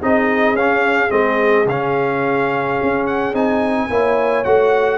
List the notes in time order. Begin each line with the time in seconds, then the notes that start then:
0.00 C4 D#4 G#4 D#5
0.53 C#4 F5
1.10 G#3 C4 D#5
1.65 C#3 C#4 F5
2.82 C#4
3.06 F#5
3.33 C4 D#4 G#5
3.89 A#3 E4 C#5
4.44 A3 F#4 F#5